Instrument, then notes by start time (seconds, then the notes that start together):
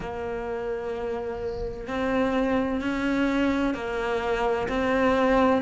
cello
0.00 A#3
1.87 C4
2.81 C#4
3.74 A#3
4.68 C4